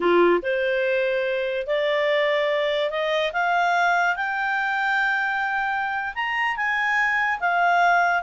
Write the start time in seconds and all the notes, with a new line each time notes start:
0.00 F4
0.42 C5
1.67 D5
2.90 D#5
3.32 F5
4.16 G5
6.14 A#5
6.56 G#5
7.40 F5